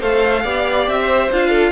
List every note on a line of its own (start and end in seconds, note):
0.00 0.45 A3
0.00 0.45 A4
0.00 0.43 C5
0.00 0.89 F5
0.44 0.88 B3
0.44 1.31 G4
0.44 0.98 D5
0.88 1.31 C4
0.88 1.32 E5
1.02 1.50 C5
1.32 1.72 D4
1.32 1.72 F4
1.32 1.72 F5
1.50 1.71 A4